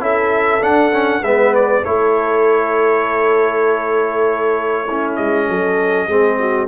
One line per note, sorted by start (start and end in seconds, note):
0.00 0.61 C#4
0.00 0.61 E4
0.00 1.22 A4
0.00 0.63 E5
0.61 0.92 D4
0.61 1.22 D4
0.61 1.24 F#5
0.93 1.23 C#4
1.22 1.82 G#3
1.22 1.85 B3
1.22 1.83 B4
1.22 1.54 E5
1.55 1.84 D5
1.83 5.18 A3
1.83 4.88 E4
1.83 4.86 A4
1.83 5.16 C#5
4.86 6.09 C#4
4.86 5.47 E4
5.16 5.48 G#3
5.16 6.67 D#5
5.47 6.08 F#3
5.47 6.07 A4
6.07 6.67 G#3
6.07 6.67 C4
6.07 6.38 G#4
6.39 6.67 F#4